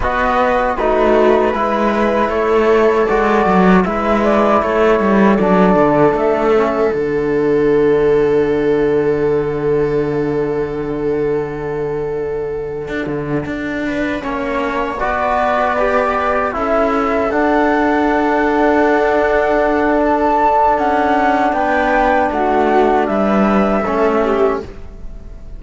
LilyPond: <<
  \new Staff \with { instrumentName = "flute" } { \time 4/4 \tempo 4 = 78 dis''4 b'2 cis''4 | d''4 e''8 d''8 cis''4 d''4 | e''4 fis''2.~ | fis''1~ |
fis''2.~ fis''8 d''8~ | d''4. e''4 fis''4.~ | fis''2 a''4 fis''4 | g''4 fis''4 e''2 | }
  \new Staff \with { instrumentName = "viola" } { \time 4/4 b'4 fis'4 b'4 a'4~ | a'4 b'4 a'2~ | a'1~ | a'1~ |
a'2 b'8 cis''4 b'8~ | b'4. a'2~ a'8~ | a'1 | b'4 fis'4 b'4 a'8 g'8 | }
  \new Staff \with { instrumentName = "trombone" } { \time 4/4 fis'4 dis'4 e'2 | fis'4 e'2 d'4~ | d'8 cis'8 d'2.~ | d'1~ |
d'2~ d'8 cis'4 fis'8~ | fis'8 g'4 e'4 d'4.~ | d'1~ | d'2. cis'4 | }
  \new Staff \with { instrumentName = "cello" } { \time 4/4 b4 a4 gis4 a4 | gis8 fis8 gis4 a8 g8 fis8 d8 | a4 d2.~ | d1~ |
d8. d'16 d8 d'4 ais4 b8~ | b4. cis'4 d'4.~ | d'2. cis'4 | b4 a4 g4 a4 | }
>>